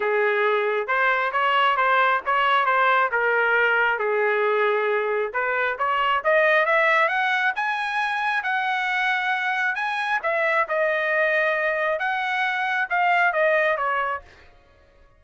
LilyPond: \new Staff \with { instrumentName = "trumpet" } { \time 4/4 \tempo 4 = 135 gis'2 c''4 cis''4 | c''4 cis''4 c''4 ais'4~ | ais'4 gis'2. | b'4 cis''4 dis''4 e''4 |
fis''4 gis''2 fis''4~ | fis''2 gis''4 e''4 | dis''2. fis''4~ | fis''4 f''4 dis''4 cis''4 | }